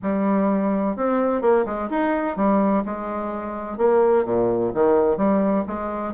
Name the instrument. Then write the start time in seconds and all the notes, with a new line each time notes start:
bassoon
0.02 G3
0.96 C4
1.41 A#3
1.65 G#3
1.90 D#4
2.36 G3
2.85 G#3
3.77 A#3
4.24 A#2
4.74 D#3
5.17 G3
5.67 G#3